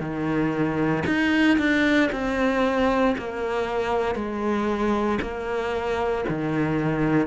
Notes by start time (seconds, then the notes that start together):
0.00 D#3
1.06 D#4
1.58 D4
2.12 C4
3.18 A#3
4.15 G#3
5.21 A#3
6.29 D#3